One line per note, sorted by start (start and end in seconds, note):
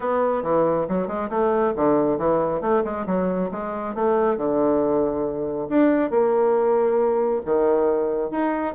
0.00 0.43 B3
0.43 0.86 E3
0.88 1.07 F#3
1.07 1.29 G#3
1.29 1.73 A3
1.76 2.18 D3
2.18 2.61 E3
2.61 2.83 A3
2.84 3.06 G#3
3.06 3.50 F#3
3.51 3.94 G#3
3.94 4.37 A3
4.37 5.68 D3
5.69 6.10 D4
6.10 7.41 A#3
7.45 8.31 D#3
8.31 8.74 D#4